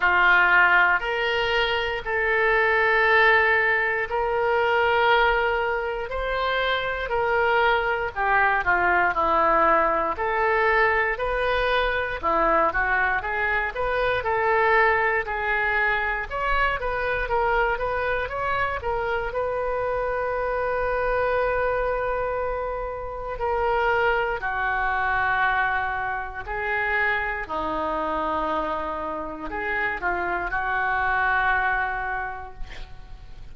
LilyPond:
\new Staff \with { instrumentName = "oboe" } { \time 4/4 \tempo 4 = 59 f'4 ais'4 a'2 | ais'2 c''4 ais'4 | g'8 f'8 e'4 a'4 b'4 | e'8 fis'8 gis'8 b'8 a'4 gis'4 |
cis''8 b'8 ais'8 b'8 cis''8 ais'8 b'4~ | b'2. ais'4 | fis'2 gis'4 dis'4~ | dis'4 gis'8 f'8 fis'2 | }